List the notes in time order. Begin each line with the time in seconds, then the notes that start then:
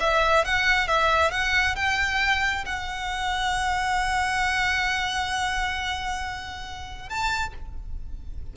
0.00 E5
0.45 F#5
0.87 E5
1.31 F#5
1.76 G5
2.66 F#5
7.09 A5